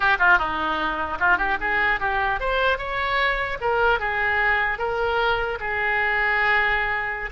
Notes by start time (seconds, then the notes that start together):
0.00 G4
0.19 F4
0.38 D#4
1.19 F4
1.37 G4
1.60 G#4
2.00 G4
2.40 C5
2.77 C#5
3.60 A#4
3.99 G#4
4.78 A#4
5.60 G#4